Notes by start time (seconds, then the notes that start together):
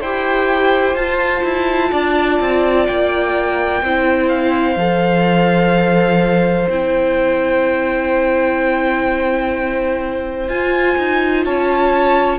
0.00 E4 G4 C5 G5
0.95 F4 A5
1.43 E4
1.91 D4 D5
2.40 C4
2.87 A#3 G5
3.82 C4 E4 C5
4.28 F5
4.76 F3 A4
6.68 C4 E4 G5
10.48 F4 G#5
10.97 D#4
11.45 C#4 C#5 A5